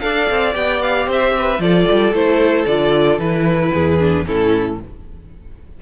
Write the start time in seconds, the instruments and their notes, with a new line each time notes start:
0.00 cello D4, viola A4, violin D5 F5
0.30 cello C4
0.52 cello B3, viola G4, violin G5
0.82 violin F5
1.07 cello C4, violin C5 E5
1.38 violin B4
1.58 cello F3, viola F4, violin A4 D5
1.91 cello G3
2.12 cello A3, viola E4, violin C5
2.66 cello D3, viola F4, violin D5
3.18 cello E3, viola E4, violin B4
3.72 cello E2, violin G#4
3.98 viola D4
4.25 cello A2, viola C#4, violin E4 A4